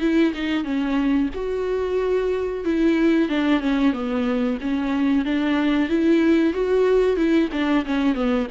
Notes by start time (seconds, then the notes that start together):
0.00 E4
0.34 D#4
0.64 C#4
1.34 F#4
2.64 E4
3.29 D4
3.60 C#4
3.92 B3
4.61 C#4
5.25 D4
5.88 E4
6.53 F#4
7.16 E4
7.52 D4
7.85 C#4
8.14 B3